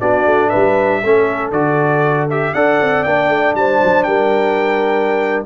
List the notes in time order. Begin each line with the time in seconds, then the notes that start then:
0.00 B3 D4 F#4 D5
0.26 A3
0.49 G3 B4 E5
1.03 A3 C#4 A4
1.51 D3 F#4 D5
2.30 G4 E5
2.54 D4 A4 D5 F#5
2.81 C4
3.03 A#3 D4 G5
3.28 A3
3.54 G3 C5 A5
3.83 F#3
4.03 G3 A#4 G5